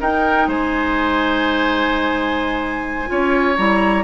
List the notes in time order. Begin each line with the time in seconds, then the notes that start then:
0.00 D#4 A#4 G5
0.47 G#3 C5 G#5
3.06 C#4 F4 C#5
3.56 G3 E4 A#5